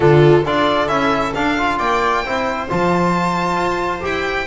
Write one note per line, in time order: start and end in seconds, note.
0.00 0.45 D3
0.00 0.42 D4
0.00 0.43 F4
0.00 0.44 A4
0.43 0.88 D4
0.43 0.88 F4
0.43 1.77 A4
0.43 0.88 D5
0.88 1.33 C#4
0.88 1.33 E4
0.88 1.32 E5
1.34 1.57 D4
1.34 1.79 D4
1.34 1.78 F5
1.58 2.25 F4
1.78 2.24 A#3
1.78 2.23 D5
1.78 2.68 G5
2.24 2.69 C4
2.24 2.69 E4
2.24 4.47 C5
2.69 3.56 F3
2.69 4.00 F4
2.69 4.04 A5
3.56 4.00 F4
4.00 4.47 E4
4.00 4.45 G4
4.00 4.47 G5